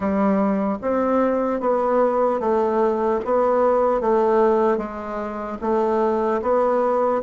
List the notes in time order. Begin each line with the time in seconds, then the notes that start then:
0.00 G3
0.81 C4
1.60 B3
2.40 A3
3.24 B3
4.00 A3
4.77 G#3
5.61 A3
6.42 B3